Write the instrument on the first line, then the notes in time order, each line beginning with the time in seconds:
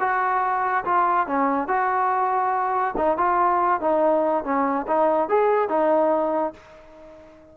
trombone
0.00 F#4
0.85 F4
1.27 C#4
1.68 F#4
2.97 D#4
3.17 F4
3.81 D#4
4.44 C#4
4.88 D#4
5.29 G#4
5.69 D#4